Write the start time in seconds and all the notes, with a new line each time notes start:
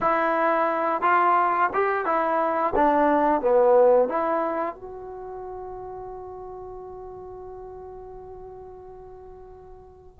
0.00 E4
1.01 F4
1.73 G4
2.05 E4
2.75 D4
3.41 B3
4.08 E4
4.75 F#4